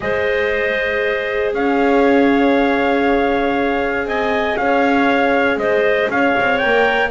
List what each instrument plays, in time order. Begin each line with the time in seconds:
0.00 double bass G#3, viola G#4, clarinet C5, trumpet D#5
1.53 double bass C#4, clarinet C#5, trumpet F5
4.04 double bass C4, clarinet D#5, trumpet G#5
4.56 double bass C#4, clarinet C#5, trumpet F5
5.56 double bass G#3, clarinet C5, trumpet D#5
6.09 double bass C#4, clarinet C#5, trumpet F5
6.39 double bass C4
6.58 viola A#4, trumpet G5
6.64 double bass A#3